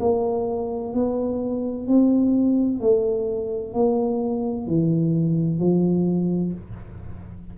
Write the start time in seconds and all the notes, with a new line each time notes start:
0.00 A#3
0.93 B3
1.87 C4
2.80 A3
3.74 A#3
4.67 E3
5.60 F3